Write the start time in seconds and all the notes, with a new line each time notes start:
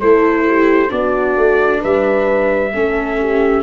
0.00 A3 E4 A4 C5
0.47 G4
0.88 B3 D4 F#4 D5
1.36 A3
1.81 G3 B4 E5
2.73 A3 C#4 A4
3.20 G4